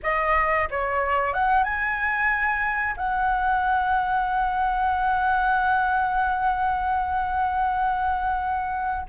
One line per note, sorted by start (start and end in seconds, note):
0.02 0.68 D#5
0.70 1.33 C#5
1.33 1.63 F#5
1.63 2.95 G#5
2.96 9.06 F#5